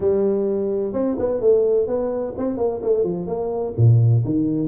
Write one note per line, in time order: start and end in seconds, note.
0.00 0.93 G3
0.93 1.16 C4
1.18 1.40 B3
1.40 1.87 A3
1.87 2.34 B3
2.37 2.57 C4
2.57 2.80 A#3
2.81 3.03 A3
3.03 3.26 F3
3.26 3.73 A#3
3.77 4.24 A#2
4.24 4.67 D#3